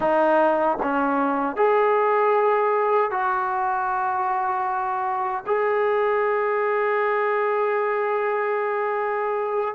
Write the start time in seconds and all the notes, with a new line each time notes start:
0.00 D#4
0.82 C#4
1.56 G#4
3.10 F#4
5.46 G#4